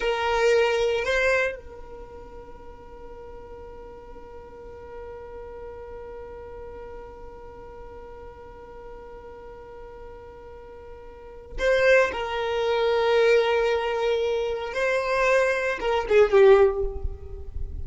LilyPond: \new Staff \with { instrumentName = "violin" } { \time 4/4 \tempo 4 = 114 ais'2 c''4 ais'4~ | ais'1~ | ais'1~ | ais'1~ |
ais'1~ | ais'2 c''4 ais'4~ | ais'1 | c''2 ais'8 gis'8 g'4 | }